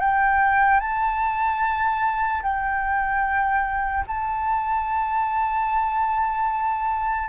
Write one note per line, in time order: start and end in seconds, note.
0.00 0.80 G5
0.80 2.42 A5
2.42 4.04 G5
4.07 7.28 A5